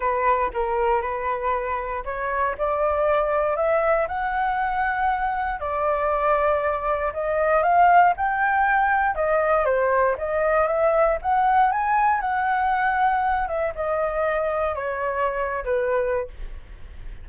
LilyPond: \new Staff \with { instrumentName = "flute" } { \time 4/4 \tempo 4 = 118 b'4 ais'4 b'2 | cis''4 d''2 e''4 | fis''2. d''4~ | d''2 dis''4 f''4 |
g''2 dis''4 c''4 | dis''4 e''4 fis''4 gis''4 | fis''2~ fis''8 e''8 dis''4~ | dis''4 cis''4.~ cis''16 b'4~ b'16 | }